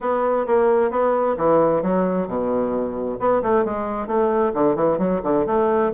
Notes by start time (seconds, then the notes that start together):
0.01 B3
0.46 A#3
0.90 B3
1.37 E3
1.82 F#3
2.27 B2
3.19 B3
3.42 A3
3.64 G#3
4.07 A3
4.54 D3
4.75 E3
4.98 F#3
5.23 D3
5.46 A3